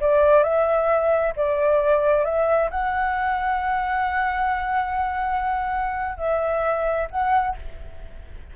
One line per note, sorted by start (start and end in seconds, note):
0.00 0.43 D5
0.43 1.33 E5
1.36 2.25 D5
2.25 2.70 E5
2.71 6.17 F#5
6.17 7.07 E5
7.11 7.56 F#5